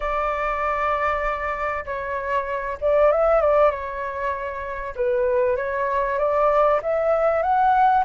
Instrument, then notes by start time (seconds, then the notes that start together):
flute
0.00 D5
1.85 C#5
2.81 D5
3.11 E5
3.40 D5
3.70 C#5
4.95 B4
5.56 C#5
6.18 D5
6.82 E5
7.42 F#5